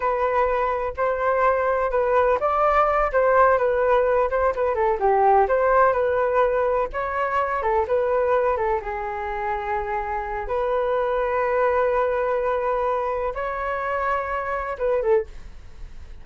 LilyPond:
\new Staff \with { instrumentName = "flute" } { \time 4/4 \tempo 4 = 126 b'2 c''2 | b'4 d''4. c''4 b'8~ | b'4 c''8 b'8 a'8 g'4 c''8~ | c''8 b'2 cis''4. |
a'8 b'4. a'8 gis'4.~ | gis'2 b'2~ | b'1 | cis''2. b'8 a'8 | }